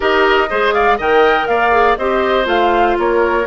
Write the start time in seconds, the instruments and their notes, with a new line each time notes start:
0.00 bassoon D#4, clarinet G4, oboe A#4, flute D#5
0.49 bassoon G#3, clarinet G#4, oboe C5
0.73 oboe D5, flute F5
0.97 bassoon D#3, clarinet A#4, oboe D#5, flute G5
1.47 bassoon A#3, oboe D5, flute F5
1.71 clarinet G#4
1.97 bassoon C4, clarinet G4, oboe C5, flute D#5
2.44 bassoon A3, clarinet F4, flute F5
2.98 bassoon A#3, oboe A#4, flute C#5